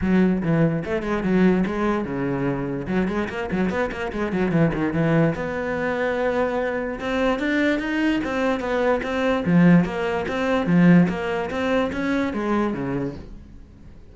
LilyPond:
\new Staff \with { instrumentName = "cello" } { \time 4/4 \tempo 4 = 146 fis4 e4 a8 gis8 fis4 | gis4 cis2 fis8 gis8 | ais8 fis8 b8 ais8 gis8 fis8 e8 dis8 | e4 b2.~ |
b4 c'4 d'4 dis'4 | c'4 b4 c'4 f4 | ais4 c'4 f4 ais4 | c'4 cis'4 gis4 cis4 | }